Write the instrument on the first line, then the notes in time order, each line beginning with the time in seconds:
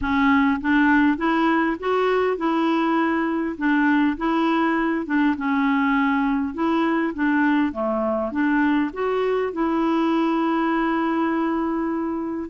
clarinet
0.01 C#4
0.60 D4
1.17 E4
1.79 F#4
2.37 E4
3.57 D4
4.17 E4
5.05 D4
5.37 C#4
6.53 E4
7.14 D4
7.72 A3
8.31 D4
8.93 F#4
9.52 E4